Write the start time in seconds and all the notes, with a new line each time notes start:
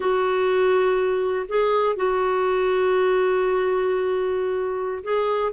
0.00 F#4
1.48 G#4
1.96 F#4
5.03 G#4